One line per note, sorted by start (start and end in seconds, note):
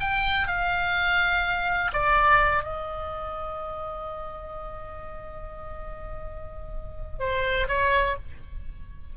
0.00 0.47 G5
0.47 1.91 F5
1.92 2.63 D5
2.63 7.19 D#5
7.19 7.67 C5
7.68 8.16 C#5